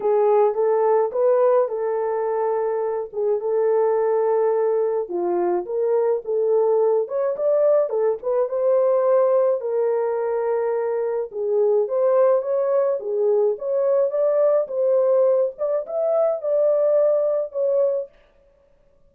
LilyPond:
\new Staff \with { instrumentName = "horn" } { \time 4/4 \tempo 4 = 106 gis'4 a'4 b'4 a'4~ | a'4. gis'8 a'2~ | a'4 f'4 ais'4 a'4~ | a'8 cis''8 d''4 a'8 b'8 c''4~ |
c''4 ais'2. | gis'4 c''4 cis''4 gis'4 | cis''4 d''4 c''4. d''8 | e''4 d''2 cis''4 | }